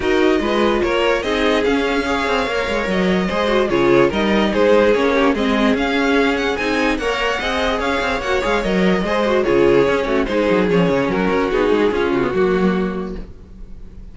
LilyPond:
<<
  \new Staff \with { instrumentName = "violin" } { \time 4/4 \tempo 4 = 146 dis''2 cis''4 dis''4 | f''2. dis''4~ | dis''4 cis''4 dis''4 c''4 | cis''4 dis''4 f''4. fis''8 |
gis''4 fis''2 f''4 | fis''8 f''8 dis''2 cis''4~ | cis''4 c''4 cis''4 ais'4 | gis'4. fis'2~ fis'8 | }
  \new Staff \with { instrumentName = "violin" } { \time 4/4 ais'4 b'4 ais'4 gis'4~ | gis'4 cis''2. | c''4 gis'4 ais'4 gis'4~ | gis'8 g'8 gis'2.~ |
gis'4 cis''4 dis''4 cis''4~ | cis''2 c''4 gis'4~ | gis'8 fis'8 gis'2 fis'4~ | fis'4 f'4 fis'2 | }
  \new Staff \with { instrumentName = "viola" } { \time 4/4 fis'4 f'2 dis'4 | cis'4 gis'4 ais'2 | gis'8 fis'8 f'4 dis'2 | cis'4 c'4 cis'2 |
dis'4 ais'4 gis'2 | fis'8 gis'8 ais'4 gis'8 fis'8 f'4 | cis'4 dis'4 cis'2 | dis'4 cis'8. b16 ais2 | }
  \new Staff \with { instrumentName = "cello" } { \time 4/4 dis'4 gis4 ais4 c'4 | cis'4. c'8 ais8 gis8 fis4 | gis4 cis4 g4 gis4 | ais4 gis4 cis'2 |
c'4 ais4 c'4 cis'8 c'8 | ais8 gis8 fis4 gis4 cis4 | cis'8 a8 gis8 fis8 f8 cis8 fis8 cis'8 | b8 gis8 cis'8 cis8 fis2 | }
>>